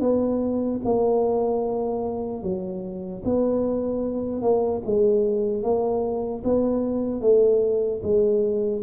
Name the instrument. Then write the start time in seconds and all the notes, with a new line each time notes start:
tuba
0.00 B3
0.85 A#3
2.42 F#3
3.24 B3
4.41 A#3
4.85 G#3
5.63 A#3
6.44 B3
7.21 A3
8.03 G#3